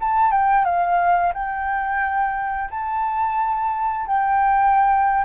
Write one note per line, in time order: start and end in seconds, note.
0.00 0.31 A5
0.31 0.64 G5
0.64 1.33 F5
1.33 2.70 G5
2.70 4.06 A5
4.06 5.24 G5